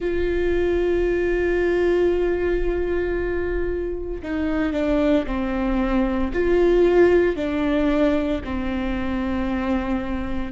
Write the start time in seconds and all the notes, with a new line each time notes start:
0.00 F4
4.22 D#4
4.73 D4
5.26 C4
6.33 F4
7.36 D4
8.44 C4